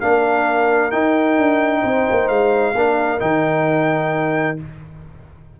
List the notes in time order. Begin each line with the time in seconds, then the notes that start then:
0.00 A#3 D4 A#4 F5
0.91 D#4 G5
1.37 D4
1.81 C4 C5
2.10 A#3
2.28 G#3 F5
2.75 A#3 D4 A#4
3.19 D#3 D#4 G5